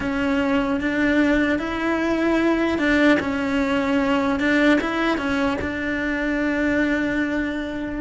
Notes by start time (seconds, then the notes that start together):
0.00 C#4
0.80 D4
1.59 E4
2.78 D4
3.19 C#4
4.39 D4
4.80 E4
5.17 C#4
5.61 D4